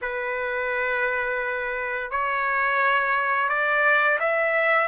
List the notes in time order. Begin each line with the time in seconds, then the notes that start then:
0.01 B4
2.11 C#5
3.49 D5
4.19 E5